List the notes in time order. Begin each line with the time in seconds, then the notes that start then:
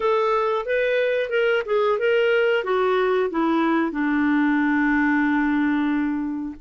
0.00 A4
0.65 B4
1.29 A#4
1.65 G#4
1.98 A#4
2.64 F#4
3.30 E4
3.91 D4